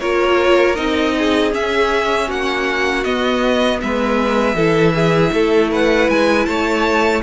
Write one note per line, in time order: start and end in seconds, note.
0.00 0.78 A#3
0.00 0.75 F4
0.00 1.14 A#4
0.00 0.75 C#5
0.75 1.54 C4
0.75 1.51 D#4
0.75 1.51 D#5
1.18 2.28 G#4
1.51 3.03 C#4
1.51 2.30 C#4
1.51 2.30 E5
2.28 3.05 A#3
2.28 3.80 F#4
2.28 3.04 F#5
3.04 4.56 B3
3.04 3.81 B3
3.04 3.80 D#5
3.81 4.54 G#3
3.81 4.56 B4
3.81 5.71 E5
4.54 5.30 E3
4.54 7.23 E4
4.54 4.94 A4
4.95 5.33 G#4
5.32 6.08 A3
5.32 5.71 A4
5.71 6.47 B4
5.71 6.10 F#5
6.09 6.47 G#3
6.09 6.46 G#5
6.46 7.23 A3
6.46 7.23 C#5
6.46 7.22 A5